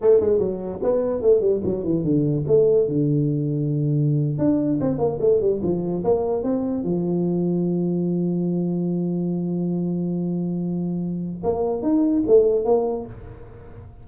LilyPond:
\new Staff \with { instrumentName = "tuba" } { \time 4/4 \tempo 4 = 147 a8 gis8 fis4 b4 a8 g8 | fis8 e8 d4 a4 d4~ | d2~ d8. d'4 c'16~ | c'16 ais8 a8 g8 f4 ais4 c'16~ |
c'8. f2.~ f16~ | f1~ | f1 | ais4 dis'4 a4 ais4 | }